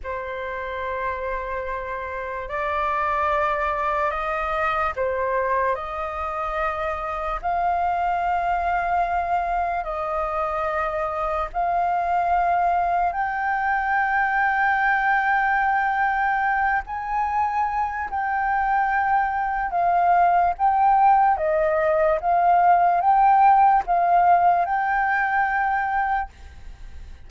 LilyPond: \new Staff \with { instrumentName = "flute" } { \time 4/4 \tempo 4 = 73 c''2. d''4~ | d''4 dis''4 c''4 dis''4~ | dis''4 f''2. | dis''2 f''2 |
g''1~ | g''8 gis''4. g''2 | f''4 g''4 dis''4 f''4 | g''4 f''4 g''2 | }